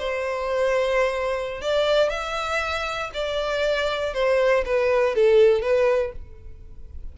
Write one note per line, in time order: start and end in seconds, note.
0.00 1.62 C5
1.62 2.10 D5
2.10 3.11 E5
3.14 4.14 D5
4.14 4.65 C5
4.66 5.16 B4
5.16 5.62 A4
5.62 6.13 B4